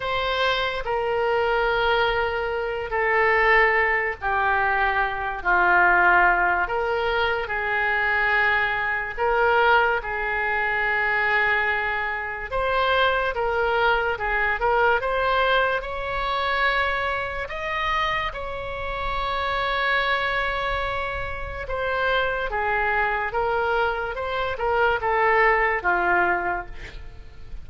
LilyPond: \new Staff \with { instrumentName = "oboe" } { \time 4/4 \tempo 4 = 72 c''4 ais'2~ ais'8 a'8~ | a'4 g'4. f'4. | ais'4 gis'2 ais'4 | gis'2. c''4 |
ais'4 gis'8 ais'8 c''4 cis''4~ | cis''4 dis''4 cis''2~ | cis''2 c''4 gis'4 | ais'4 c''8 ais'8 a'4 f'4 | }